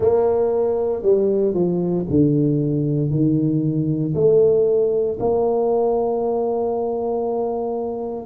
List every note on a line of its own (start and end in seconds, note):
0.00 1.02 A#3
1.02 1.54 G3
1.54 2.05 F3
2.09 3.10 D3
3.10 4.13 D#3
4.14 5.17 A3
5.19 8.25 A#3